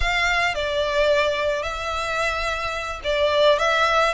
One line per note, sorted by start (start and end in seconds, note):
0.00 0.55 F5
0.55 1.62 D5
1.62 3.00 E5
3.04 3.58 D5
3.58 4.13 E5